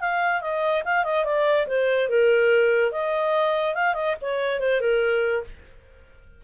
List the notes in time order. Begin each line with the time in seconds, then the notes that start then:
0.00 F5
0.41 D#5
0.84 F5
1.04 D#5
1.24 D5
1.67 C5
2.09 A#4
2.91 D#5
3.74 F5
3.94 D#5
4.21 C#5
4.59 C5
4.80 A#4